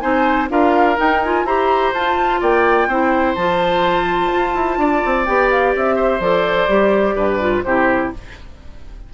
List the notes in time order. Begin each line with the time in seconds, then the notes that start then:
0.00 C4 D#4 C5 G#5
0.49 D4 F4 A#4 F5
0.97 D#4 G5
1.23 F4 G#5
1.45 E4 G4 C5 A#5
1.93 F4 A5
2.41 A#3 D5 G5
2.87 C4 E4 C5
3.35 F3 F4 A5
4.33 F4
4.55 E4
4.78 D4 D5
5.05 C4
5.26 B3 G4 G5
5.51 F5
5.75 C4 E5
5.96 C5
6.20 F3 A4 D5
6.69 G3 G4
7.16 G2 B4
7.40 F4
7.62 C3 E4 G4 C5